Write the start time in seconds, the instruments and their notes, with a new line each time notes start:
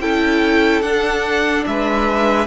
0.00 cello C#4, viola E4, violin A4 G5
0.82 cello D4, viola D4, violin F#5
1.66 cello G#3, violin B4 E5